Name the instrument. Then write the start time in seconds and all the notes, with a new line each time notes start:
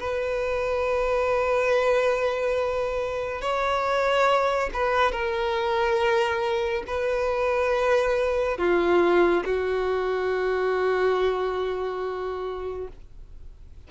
violin
0.00 B4
3.42 C#5
4.74 B4
5.12 A#4
6.87 B4
8.58 F4
9.45 F#4